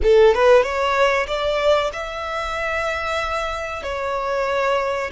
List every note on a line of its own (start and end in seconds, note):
0.02 0.34 A4
0.34 0.62 B4
0.62 1.26 C#5
1.27 1.91 D5
1.92 3.82 E5
3.82 5.10 C#5